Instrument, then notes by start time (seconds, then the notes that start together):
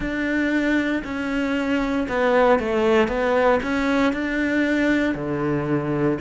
cello
0.00 D4
1.03 C#4
2.08 B3
2.59 A3
3.08 B3
3.62 C#4
4.12 D4
5.14 D3